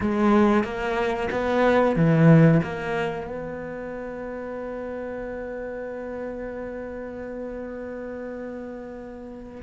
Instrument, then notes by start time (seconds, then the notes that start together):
cello
0.01 G#3
0.64 A#3
1.31 B3
1.96 E3
2.63 A#3
3.26 B3